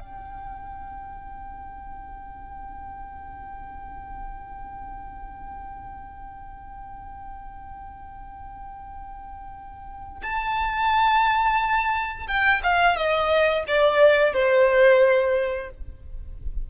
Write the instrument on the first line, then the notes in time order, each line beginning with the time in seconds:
violin
0.00 G5
10.23 A5
12.28 G5
12.64 F5
12.97 D#5
13.68 D5
14.34 C5